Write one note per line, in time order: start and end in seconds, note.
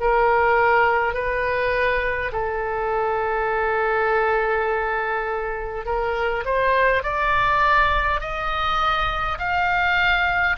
0.00 1.13 A#4
1.13 2.31 B4
2.32 5.85 A4
5.85 6.44 A#4
6.45 7.03 C5
7.03 8.20 D5
8.20 9.38 D#5
9.39 10.56 F5